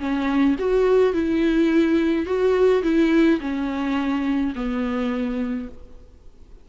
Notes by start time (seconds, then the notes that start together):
0.00 C#4
0.59 F#4
1.14 E4
2.26 F#4
2.83 E4
3.41 C#4
4.55 B3